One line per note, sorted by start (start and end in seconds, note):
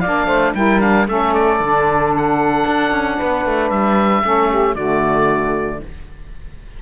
0.00 0.27 A#3
0.00 0.55 D4
0.00 0.26 D5
0.00 0.53 F5
0.26 0.53 A3
0.26 0.52 C5
0.54 1.07 G3
0.54 0.80 E4
0.54 1.09 A#4
0.54 0.81 G5
0.80 1.06 D4
0.80 1.07 F5
1.07 1.59 A3
1.07 1.59 C#4
1.07 3.17 A4
1.07 1.34 E5
1.34 2.13 D5
1.59 2.65 D3
1.59 4.22 D4
2.17 3.70 F#5
2.66 2.91 D4
2.91 3.17 C#4
3.17 3.45 B3
3.17 4.22 B4
3.45 3.70 A3
3.70 4.23 G3
3.70 4.75 E5
4.22 4.75 A3
4.22 4.75 C#4
4.22 4.49 A4
4.49 4.74 G4
4.74 5.80 D3
4.74 5.81 A3
4.74 5.79 F#4
4.74 5.80 D5